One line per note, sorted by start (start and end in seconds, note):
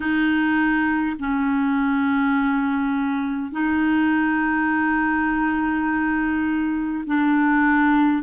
0.00 1.16 D#4
1.19 3.51 C#4
3.51 7.04 D#4
7.06 8.22 D4